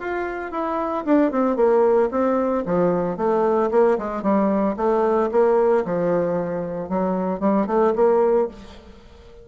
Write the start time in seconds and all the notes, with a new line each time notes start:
0.00 F4
0.51 E4
1.05 D4
1.32 C4
1.56 A#3
2.11 C4
2.66 F3
3.17 A3
3.71 A#3
3.98 G#3
4.22 G3
4.77 A3
5.31 A#3
5.85 F3
6.89 F#3
7.40 G3
7.67 A3
7.95 A#3